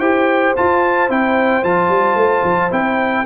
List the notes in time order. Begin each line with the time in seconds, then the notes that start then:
0.00 E4 G4 C5 G5
0.57 F4 A5
1.09 C4 E4 G5
1.64 F3 F4 A5
1.89 G3
2.16 A3
2.44 F3
2.72 C4 E4 G5